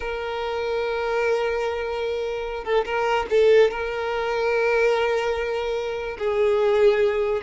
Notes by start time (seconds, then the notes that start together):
0.00 A#4
2.64 A4
2.85 A#4
3.30 A4
3.70 A#4
6.18 G#4